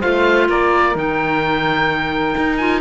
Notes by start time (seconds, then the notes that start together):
0.00 A3 F4 C5 F5
0.49 A#3 A#4 D5
0.95 D#3 D#4 G5
2.37 D#4
2.57 F4 G#5